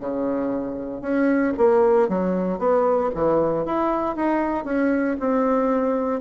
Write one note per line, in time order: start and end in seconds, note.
0.00 1.02 C#3
1.02 1.54 C#4
1.58 2.09 A#3
2.09 2.59 F#3
2.59 3.10 B3
3.15 3.66 E3
3.66 4.16 E4
4.16 4.65 D#4
4.65 5.17 C#4
5.20 6.21 C4